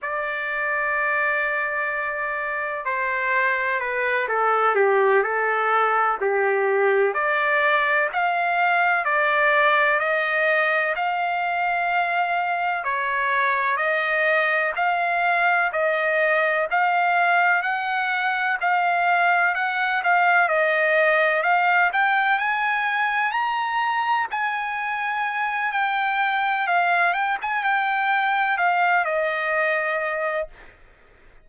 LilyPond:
\new Staff \with { instrumentName = "trumpet" } { \time 4/4 \tempo 4 = 63 d''2. c''4 | b'8 a'8 g'8 a'4 g'4 d''8~ | d''8 f''4 d''4 dis''4 f''8~ | f''4. cis''4 dis''4 f''8~ |
f''8 dis''4 f''4 fis''4 f''8~ | f''8 fis''8 f''8 dis''4 f''8 g''8 gis''8~ | gis''8 ais''4 gis''4. g''4 | f''8 g''16 gis''16 g''4 f''8 dis''4. | }